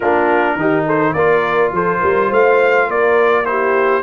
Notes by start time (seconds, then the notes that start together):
0.00 A#3 D4 F4 A#4
0.56 D#3 D#4 G4
0.85 A4 C5
1.13 A#3 F4 A#4 D5
1.72 F3 A4 C5
2.00 G3 A#4
2.28 A3 C5 F5
2.86 A#3 A#4 D5
3.44 E4 G4 C5